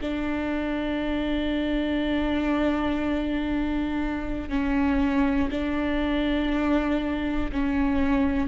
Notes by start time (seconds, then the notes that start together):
0.00 D4
4.49 C#4
5.50 D4
7.52 C#4